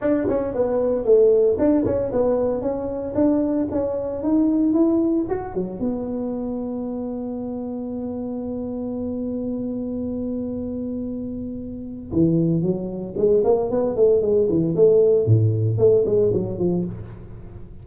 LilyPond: \new Staff \with { instrumentName = "tuba" } { \time 4/4 \tempo 4 = 114 d'8 cis'8 b4 a4 d'8 cis'8 | b4 cis'4 d'4 cis'4 | dis'4 e'4 fis'8 fis8 b4~ | b1~ |
b1~ | b2. e4 | fis4 gis8 ais8 b8 a8 gis8 e8 | a4 a,4 a8 gis8 fis8 f8 | }